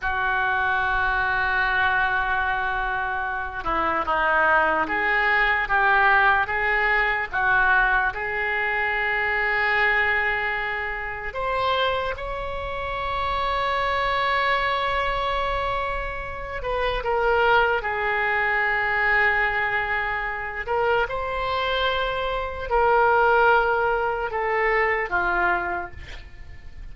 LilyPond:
\new Staff \with { instrumentName = "oboe" } { \time 4/4 \tempo 4 = 74 fis'1~ | fis'8 e'8 dis'4 gis'4 g'4 | gis'4 fis'4 gis'2~ | gis'2 c''4 cis''4~ |
cis''1~ | cis''8 b'8 ais'4 gis'2~ | gis'4. ais'8 c''2 | ais'2 a'4 f'4 | }